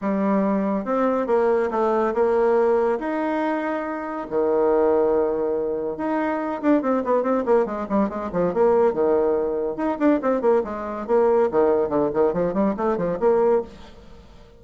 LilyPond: \new Staff \with { instrumentName = "bassoon" } { \time 4/4 \tempo 4 = 141 g2 c'4 ais4 | a4 ais2 dis'4~ | dis'2 dis2~ | dis2 dis'4. d'8 |
c'8 b8 c'8 ais8 gis8 g8 gis8 f8 | ais4 dis2 dis'8 d'8 | c'8 ais8 gis4 ais4 dis4 | d8 dis8 f8 g8 a8 f8 ais4 | }